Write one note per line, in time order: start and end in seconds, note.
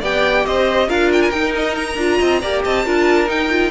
0.00 0.46 B3
0.00 0.88 G4
0.00 0.43 D5
0.00 0.46 G5
0.46 0.88 C4
0.46 0.88 C5
0.46 0.89 D#5
0.88 1.31 D4
0.88 1.32 F4
0.88 2.18 A#4
0.88 1.11 F5
1.12 1.21 G5
1.21 1.30 G#5
1.30 1.97 D#4
1.30 1.98 D#4
1.30 1.52 G5
1.55 1.75 D#5
1.75 2.62 A#5
1.97 2.19 D4
1.97 2.41 F4
2.18 2.43 C4
2.18 2.40 D#5
2.41 2.64 A#3
2.41 2.85 G4
2.41 2.63 D5
2.64 2.86 C4
2.64 2.85 D#5
2.64 3.29 A5
2.85 3.29 D4
2.85 3.26 F4
2.85 3.71 A#4
3.26 3.48 D#4
3.26 3.71 D#4
3.26 3.71 G5
3.50 3.71 F4